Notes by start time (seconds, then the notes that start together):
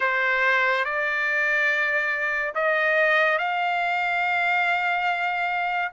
0.00 C5
0.85 D5
2.54 D#5
3.38 F5